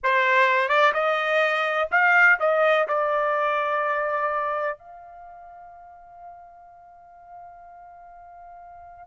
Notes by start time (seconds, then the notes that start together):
0.03 C5
0.68 D5
0.93 D#5
1.91 F5
2.39 D#5
2.88 D5
4.78 F5